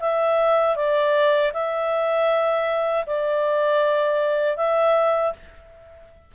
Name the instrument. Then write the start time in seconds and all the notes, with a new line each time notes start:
clarinet
0.00 E5
0.76 D5
1.53 E5
3.07 D5
4.57 E5